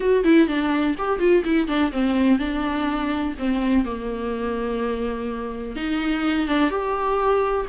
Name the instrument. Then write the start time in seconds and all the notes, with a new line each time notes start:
viola
0.00 F#4
0.24 E4
0.47 D4
0.98 G4
1.19 F4
1.44 E4
1.67 D4
1.92 C4
2.38 D4
3.38 C4
3.84 A#3
5.76 D#4
6.47 D4
6.70 G4